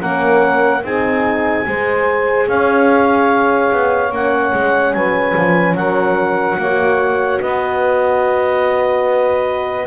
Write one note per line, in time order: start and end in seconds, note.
0.00 0.84 A#3
0.00 0.82 C#4
0.00 0.82 A#4
0.00 0.84 F#5
0.84 1.66 C4
0.84 1.67 D#4
0.84 1.66 G#4
0.84 2.49 G#5
1.67 2.48 G#3
1.67 4.13 G#4
1.67 2.49 C5
2.48 3.71 C#4
2.48 4.96 C#5
2.48 4.14 F5
3.72 4.12 B3
4.12 4.53 A#3
4.12 6.59 C#4
4.12 4.94 F#5
4.54 4.94 G#3
4.94 5.35 F#3
4.94 5.76 B4
4.94 5.76 G#5
5.37 5.75 F3
5.75 6.58 F#3
5.75 6.58 A#4
5.75 7.40 F#5
6.58 7.41 A#3
6.58 9.88 F#4
6.58 7.42 C#5
7.41 9.88 B3
7.41 9.88 B4
7.41 9.88 D#5